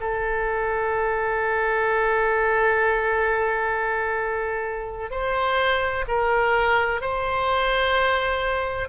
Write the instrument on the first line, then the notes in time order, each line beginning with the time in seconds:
oboe
0.00 A4
5.11 C5
6.08 A#4
7.01 C5